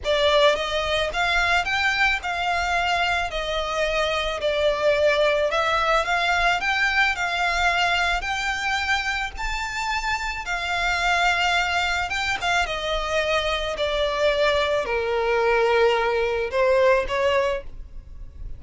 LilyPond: \new Staff \with { instrumentName = "violin" } { \time 4/4 \tempo 4 = 109 d''4 dis''4 f''4 g''4 | f''2 dis''2 | d''2 e''4 f''4 | g''4 f''2 g''4~ |
g''4 a''2 f''4~ | f''2 g''8 f''8 dis''4~ | dis''4 d''2 ais'4~ | ais'2 c''4 cis''4 | }